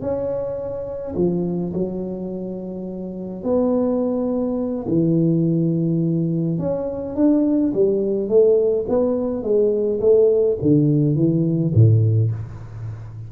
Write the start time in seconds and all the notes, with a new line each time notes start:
0.00 C#4
1.15 F3
1.73 F#3
3.43 B3
4.88 E3
6.58 C#4
7.15 D4
7.74 G3
8.28 A3
8.88 B3
9.42 G#3
10.00 A3
10.61 D3
11.15 E3
11.74 A2